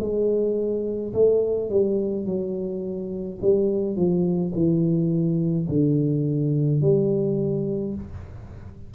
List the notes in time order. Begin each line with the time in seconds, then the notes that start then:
0.00 G#3
1.14 A3
1.70 G3
2.26 F#3
3.42 G3
3.96 F3
4.55 E3
5.69 D3
6.81 G3